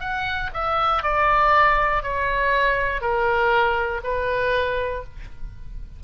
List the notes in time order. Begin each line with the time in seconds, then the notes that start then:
0.00 F#5
0.54 E5
1.02 D5
2.02 C#5
3.01 A#4
4.03 B4